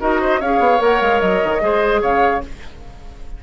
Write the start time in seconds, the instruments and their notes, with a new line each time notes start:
0.00 bassoon D#4, clarinet F#4, oboe A#4, flute D#5
0.20 oboe C5
0.40 bassoon C#4, clarinet G#4, oboe C#5, flute F5
0.59 bassoon B3
0.78 bassoon A#3, clarinet A#4, flute F#5
1.00 bassoon G#3, flute F5
1.20 bassoon F#3, flute D#5
1.43 bassoon D#3
1.60 bassoon G#3, clarinet G#4, oboe C5
2.01 bassoon C#3, oboe C#5, flute F5